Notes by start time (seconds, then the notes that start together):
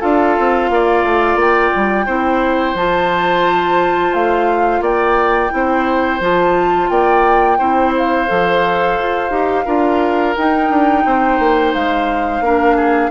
0.00 D4 F4 A4 F5
0.39 C4
0.70 A#3 D5
1.04 A3
1.36 A#3 G5
1.76 G3
2.06 C4 E4 C5
2.75 F3 F4 A5
4.14 A3 F5
4.81 A#3 D5 G5
5.50 C4 E4 C5
6.20 F3 F4 A5
6.90 A#3 D5 G5
7.58 C4 E4 C5
7.97 F5
8.27 F3 A4
8.99 F4
9.30 D#4 G4
9.65 D4 F4 A#4
10.36 D#4 G5
10.70 D4
11.05 C4 C5
11.39 A#3
11.74 G#3 F5
12.41 A#3 D4 A#4
12.76 G#4